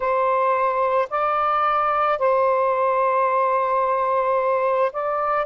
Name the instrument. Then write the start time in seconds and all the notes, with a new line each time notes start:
saxophone
0.00 C5
1.10 D5
2.18 C5
4.92 D5